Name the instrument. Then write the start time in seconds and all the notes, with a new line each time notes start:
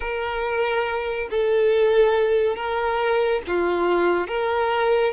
violin
0.00 A#4
1.30 A4
2.56 A#4
3.47 F4
4.27 A#4